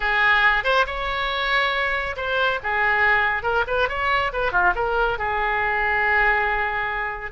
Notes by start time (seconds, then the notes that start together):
0.00 G#4
0.64 C5
0.86 C#5
2.16 C5
2.63 G#4
3.42 A#4
3.67 B4
3.88 C#5
4.32 B4
4.51 F4
4.75 A#4
5.18 G#4